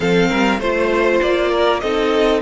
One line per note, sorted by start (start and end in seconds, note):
0.00 0.30 F3
0.00 0.60 C4
0.00 0.29 A4
0.00 0.60 F5
0.29 0.59 G3
0.29 0.59 A#4
0.59 1.20 A3
0.59 1.82 F4
0.59 1.20 C5
0.59 1.50 C5
1.21 1.82 A#3
1.21 1.80 D5
1.50 1.81 A#4
1.80 2.41 C4
1.80 2.41 D#4
1.80 2.41 A4
1.80 2.40 D#5